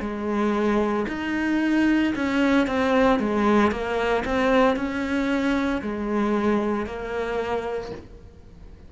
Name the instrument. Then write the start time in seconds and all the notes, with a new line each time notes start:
cello
0.00 G#3
1.08 D#4
2.15 C#4
2.67 C4
3.19 G#3
3.71 A#3
4.24 C4
4.76 C#4
5.81 G#3
6.86 A#3